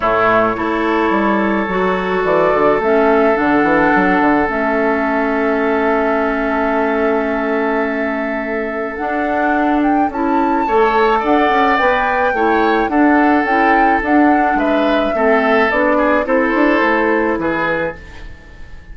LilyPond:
<<
  \new Staff \with { instrumentName = "flute" } { \time 4/4 \tempo 4 = 107 cis''1 | d''4 e''4 fis''2 | e''1~ | e''1 |
fis''4. g''8 a''2 | fis''4 g''2 fis''4 | g''4 fis''4 e''2 | d''4 c''2 b'4 | }
  \new Staff \with { instrumentName = "oboe" } { \time 4/4 e'4 a'2.~ | a'1~ | a'1~ | a'1~ |
a'2. cis''4 | d''2 cis''4 a'4~ | a'2 b'4 a'4~ | a'8 gis'8 a'2 gis'4 | }
  \new Staff \with { instrumentName = "clarinet" } { \time 4/4 a4 e'2 fis'4~ | fis'4 cis'4 d'2 | cis'1~ | cis'1 |
d'2 e'4 a'4~ | a'4 b'4 e'4 d'4 | e'4 d'2 c'4 | d'4 e'2. | }
  \new Staff \with { instrumentName = "bassoon" } { \time 4/4 a,4 a4 g4 fis4 | e8 d8 a4 d8 e8 fis8 d8 | a1~ | a1 |
d'2 cis'4 a4 | d'8 cis'8 b4 a4 d'4 | cis'4 d'4 gis4 a4 | b4 c'8 d'8 a4 e4 | }
>>